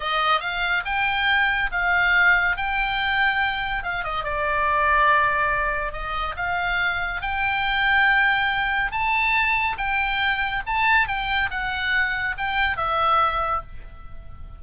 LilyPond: \new Staff \with { instrumentName = "oboe" } { \time 4/4 \tempo 4 = 141 dis''4 f''4 g''2 | f''2 g''2~ | g''4 f''8 dis''8 d''2~ | d''2 dis''4 f''4~ |
f''4 g''2.~ | g''4 a''2 g''4~ | g''4 a''4 g''4 fis''4~ | fis''4 g''4 e''2 | }